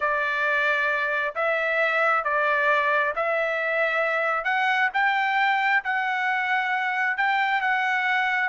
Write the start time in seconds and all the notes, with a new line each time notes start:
0.00 D5
1.35 E5
2.24 D5
3.15 E5
4.44 F#5
4.93 G5
5.84 F#5
7.17 G5
7.61 F#5